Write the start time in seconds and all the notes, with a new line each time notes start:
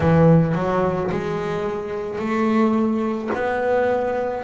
0.00 E3
0.55 F#3
1.11 G#3
2.18 A3
3.34 B3